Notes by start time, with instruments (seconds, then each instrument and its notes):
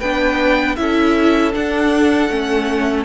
0.00 cello B3, viola D4, violin B4 G5
0.76 cello C#4, viola E4, violin A4 E5
1.53 viola D4, cello D4, violin F#5
2.30 cello A3, viola C#4